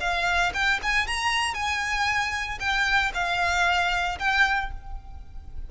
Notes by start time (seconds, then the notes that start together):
0.00 F5
0.54 G5
0.82 G#5
1.07 A#5
1.54 G#5
2.59 G5
3.14 F5
4.19 G5